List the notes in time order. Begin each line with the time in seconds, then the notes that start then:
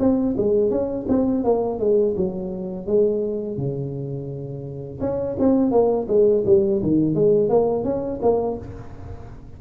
0.00 C4
0.38 G#3
0.71 C#4
1.09 C4
1.44 A#3
1.80 G#3
2.17 F#3
2.87 G#3
3.57 C#3
5.01 C#4
5.40 C4
5.71 A#3
6.08 G#3
6.46 G3
6.83 D#3
7.15 G#3
7.49 A#3
7.84 C#4
8.22 A#3